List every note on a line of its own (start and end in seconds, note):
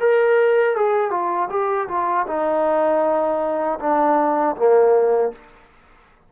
0.00 0.76 A#4
0.76 1.11 G#4
1.11 1.49 F4
1.50 1.88 G4
1.88 2.26 F4
2.27 3.79 D#4
3.80 4.56 D4
4.56 5.32 A#3